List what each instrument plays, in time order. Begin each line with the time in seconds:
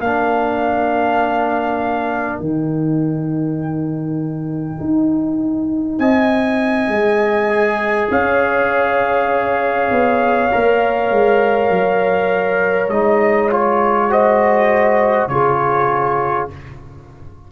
0.00 tuba A#3, trombone D4, horn A#4, trumpet F5
2.39 tuba D#3, trombone D#4, trumpet G5
4.80 tuba D#4
5.99 tuba C4, horn D#5, trumpet G#5
6.88 tuba G#3
7.49 trombone G#4
8.10 tuba C#4, horn C#5, trumpet F5
9.90 tuba B3
10.52 tuba A#3, trombone A#4
11.11 tuba G#3
11.70 tuba F#3
12.88 tuba G#3, trombone D#4, trumpet D#5
13.51 trombone F4, trumpet C#5
14.10 trombone F#4, horn C5, trumpet D#5
15.28 tuba C#3, trombone F4, horn G#4, trumpet C#5